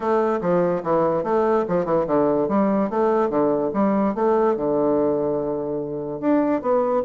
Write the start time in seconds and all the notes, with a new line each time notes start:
0.00 A3
0.41 F3
0.83 E3
1.23 A3
1.67 F3
1.85 E3
2.07 D3
2.48 G3
2.90 A3
3.29 D3
3.73 G3
4.15 A3
4.56 D3
6.20 D4
6.61 B3